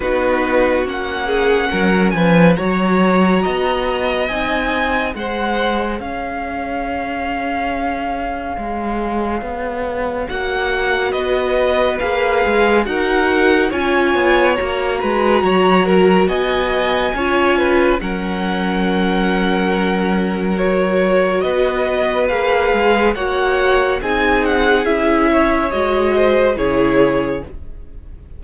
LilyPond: <<
  \new Staff \with { instrumentName = "violin" } { \time 4/4 \tempo 4 = 70 b'4 fis''4. gis''8 ais''4~ | ais''4 gis''4 fis''4 f''4~ | f''1 | fis''4 dis''4 f''4 fis''4 |
gis''4 ais''2 gis''4~ | gis''4 fis''2. | cis''4 dis''4 f''4 fis''4 | gis''8 fis''8 e''4 dis''4 cis''4 | }
  \new Staff \with { instrumentName = "violin" } { \time 4/4 fis'4. gis'8 ais'8 b'8 cis''4 | dis''2 c''4 cis''4~ | cis''1~ | cis''4 b'2 ais'4 |
cis''4. b'8 cis''8 ais'8 dis''4 | cis''8 b'8 ais'2.~ | ais'4 b'2 cis''4 | gis'4. cis''4 c''8 gis'4 | }
  \new Staff \with { instrumentName = "viola" } { \time 4/4 dis'4 cis'2 fis'4~ | fis'4 dis'4 gis'2~ | gis'1 | fis'2 gis'4 fis'4 |
f'4 fis'2. | f'4 cis'2. | fis'2 gis'4 fis'4 | dis'4 e'4 fis'4 e'4 | }
  \new Staff \with { instrumentName = "cello" } { \time 4/4 b4 ais4 fis8 f8 fis4 | b4 c'4 gis4 cis'4~ | cis'2 gis4 b4 | ais4 b4 ais8 gis8 dis'4 |
cis'8 b8 ais8 gis8 fis4 b4 | cis'4 fis2.~ | fis4 b4 ais8 gis8 ais4 | c'4 cis'4 gis4 cis4 | }
>>